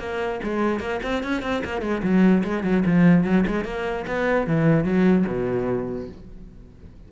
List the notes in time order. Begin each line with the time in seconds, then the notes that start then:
0.00 A#3
0.44 G#3
0.81 A#3
1.04 C4
1.24 C#4
1.43 C4
1.65 A#3
1.82 G#3
2.03 F#3
2.44 G#3
2.64 F#3
2.86 F3
3.25 F#3
3.48 G#3
3.65 A#3
4.07 B3
4.48 E3
4.85 F#3
5.28 B2